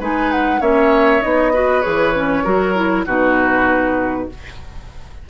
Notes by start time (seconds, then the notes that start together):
0.00 G#3 D#4 B4 G#5
0.32 F#5
0.60 A#3 C#4 C#5 E5
1.22 B3 D#4 D#5
1.53 F#4 B4
1.82 E3 G#4 C#5
2.15 C#4
2.44 F#3 F#4 A#4
2.76 E4
3.06 B2 D#4 F#4 B4